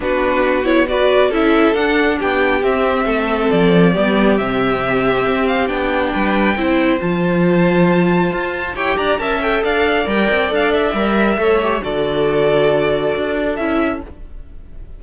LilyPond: <<
  \new Staff \with { instrumentName = "violin" } { \time 4/4 \tempo 4 = 137 b'4. cis''8 d''4 e''4 | fis''4 g''4 e''2 | d''2 e''2~ | e''8 f''8 g''2. |
a''1 | g''8 ais''8 a''8 g''8 f''4 g''4 | f''8 e''2~ e''8 d''4~ | d''2. e''4 | }
  \new Staff \with { instrumentName = "violin" } { \time 4/4 fis'2 b'4 a'4~ | a'4 g'2 a'4~ | a'4 g'2.~ | g'2 b'4 c''4~ |
c''1 | cis''8 d''8 e''4 d''2~ | d''2 cis''4 a'4~ | a'1 | }
  \new Staff \with { instrumentName = "viola" } { \time 4/4 d'4. e'8 fis'4 e'4 | d'2 c'2~ | c'4 b4 c'2~ | c'4 d'2 e'4 |
f'1 | g'4 ais'8 a'4. ais'4 | a'4 ais'4 a'8 g'8 fis'4~ | fis'2. e'4 | }
  \new Staff \with { instrumentName = "cello" } { \time 4/4 b2. cis'4 | d'4 b4 c'4 a4 | f4 g4 c2 | c'4 b4 g4 c'4 |
f2. f'4 | e'8 d'8 cis'4 d'4 g8 c'8 | d'4 g4 a4 d4~ | d2 d'4 cis'4 | }
>>